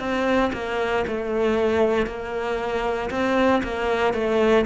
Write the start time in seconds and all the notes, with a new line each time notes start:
0.00 C4
0.53 A#3
1.07 A3
2.07 A#3
3.11 C4
3.63 A#3
4.14 A3